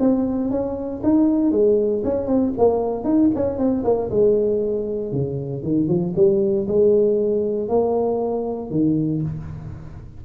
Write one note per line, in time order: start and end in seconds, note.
0.00 0.51 C4
0.51 1.02 C#4
1.04 1.52 D#4
1.52 2.03 G#3
2.04 2.27 C#4
2.27 2.53 C4
2.58 3.05 A#3
3.05 3.30 D#4
3.35 3.58 C#4
3.58 3.84 C4
3.84 4.10 A#3
4.10 5.12 G#3
5.12 5.63 C#3
5.63 5.88 D#3
5.88 6.14 F3
6.16 6.67 G3
6.68 7.69 G#3
7.69 8.71 A#3
8.71 9.22 D#3